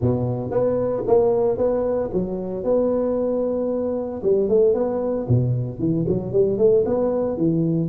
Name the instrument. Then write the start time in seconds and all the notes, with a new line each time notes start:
tuba
0.01 B2
0.50 B3
1.07 A#3
1.57 B3
2.13 F#3
2.64 B3
4.22 G3
4.49 A3
4.74 B3
5.28 B2
5.79 E3
6.08 F#3
6.32 G3
6.58 A3
6.85 B3
7.37 E3